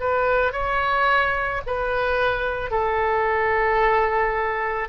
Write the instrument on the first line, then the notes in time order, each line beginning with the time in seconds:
oboe
0.00 B4
0.53 C#5
1.66 B4
2.71 A4